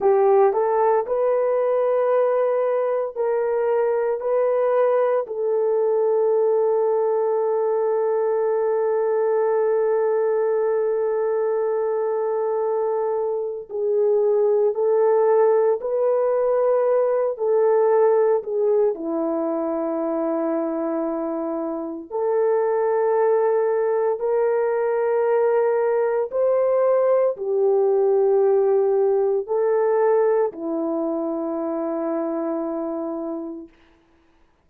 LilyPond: \new Staff \with { instrumentName = "horn" } { \time 4/4 \tempo 4 = 57 g'8 a'8 b'2 ais'4 | b'4 a'2.~ | a'1~ | a'4 gis'4 a'4 b'4~ |
b'8 a'4 gis'8 e'2~ | e'4 a'2 ais'4~ | ais'4 c''4 g'2 | a'4 e'2. | }